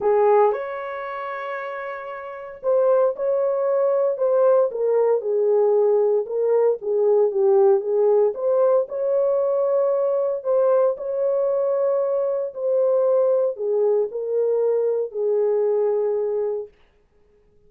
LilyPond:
\new Staff \with { instrumentName = "horn" } { \time 4/4 \tempo 4 = 115 gis'4 cis''2.~ | cis''4 c''4 cis''2 | c''4 ais'4 gis'2 | ais'4 gis'4 g'4 gis'4 |
c''4 cis''2. | c''4 cis''2. | c''2 gis'4 ais'4~ | ais'4 gis'2. | }